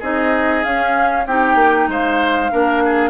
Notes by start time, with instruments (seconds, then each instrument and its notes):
0.00 bassoon C4, clarinet D#4, oboe G#4, flute D#5
0.64 clarinet C#4, bassoon C#4, flute F5
1.27 bassoon C4, clarinet D#4, oboe G4, flute G5
1.55 bassoon A#3
1.88 bassoon G#3, oboe C5, flute F5
2.51 bassoon A#3, clarinet D4, oboe A#4
2.85 oboe G#4